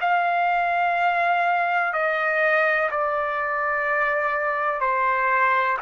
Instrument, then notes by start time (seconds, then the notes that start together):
trumpet
0.00 F5
1.93 D#5
2.91 D5
4.80 C5